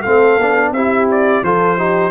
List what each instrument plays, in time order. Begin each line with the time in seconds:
0.00 trombone C4, horn A4, trumpet F5
0.06 tuba A3
0.36 tuba B3, trombone D4
0.71 tuba C4, trombone E4, horn G4, trumpet E5
1.10 trumpet D5
1.42 tuba F3, trombone F4, horn A4, trumpet C5
1.77 trombone D#4, horn G4